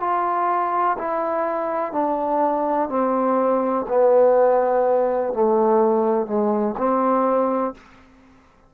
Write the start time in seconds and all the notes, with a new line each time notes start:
0.00 F4
0.99 E4
1.92 D4
2.89 C4
3.88 B3
5.33 A3
6.26 G#3
6.77 C4